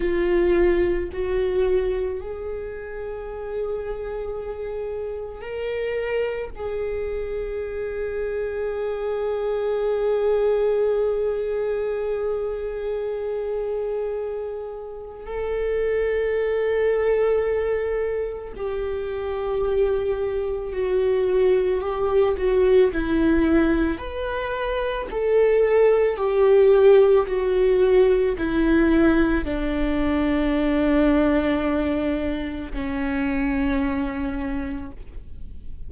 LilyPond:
\new Staff \with { instrumentName = "viola" } { \time 4/4 \tempo 4 = 55 f'4 fis'4 gis'2~ | gis'4 ais'4 gis'2~ | gis'1~ | gis'2 a'2~ |
a'4 g'2 fis'4 | g'8 fis'8 e'4 b'4 a'4 | g'4 fis'4 e'4 d'4~ | d'2 cis'2 | }